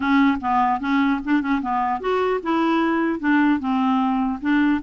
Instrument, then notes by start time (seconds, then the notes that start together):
clarinet
0.00 C#4
0.40 B3
0.80 C#4
1.24 D4
1.41 C#4
1.61 B3
2.00 F#4
2.43 E4
3.19 D4
3.59 C4
4.41 D4